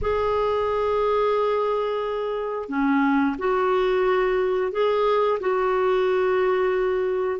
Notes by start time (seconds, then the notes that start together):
0.01 G#4
2.68 C#4
3.38 F#4
4.72 G#4
5.39 F#4